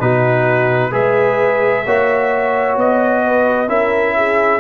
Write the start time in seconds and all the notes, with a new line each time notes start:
0.00 B2 D#4 F#4 B4
0.91 G#3 G#4 B4 E5
1.85 A#3 F#4 C#5
2.76 B3 D#5
3.24 B4
3.67 C#4 E4 A#4 E5
4.17 G#4